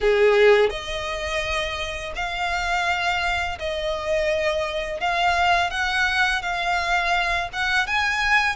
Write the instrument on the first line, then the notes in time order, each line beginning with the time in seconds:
violin
0.01 G#4
0.69 D#5
2.15 F5
3.58 D#5
5.00 F5
5.70 F#5
6.42 F5
7.53 F#5
7.86 G#5